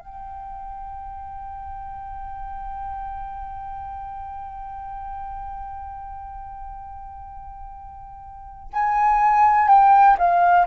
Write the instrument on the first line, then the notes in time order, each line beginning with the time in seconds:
flute
0.00 G5
8.74 G#5
9.69 G5
10.19 F5